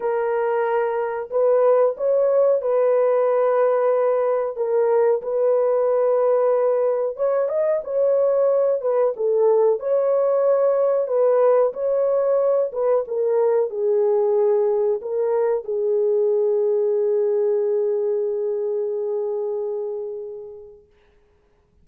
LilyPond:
\new Staff \with { instrumentName = "horn" } { \time 4/4 \tempo 4 = 92 ais'2 b'4 cis''4 | b'2. ais'4 | b'2. cis''8 dis''8 | cis''4. b'8 a'4 cis''4~ |
cis''4 b'4 cis''4. b'8 | ais'4 gis'2 ais'4 | gis'1~ | gis'1 | }